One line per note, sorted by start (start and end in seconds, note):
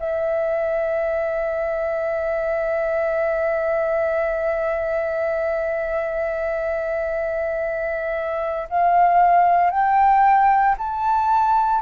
0.00 8.68 E5
8.70 9.71 F5
9.71 10.76 G5
10.78 11.82 A5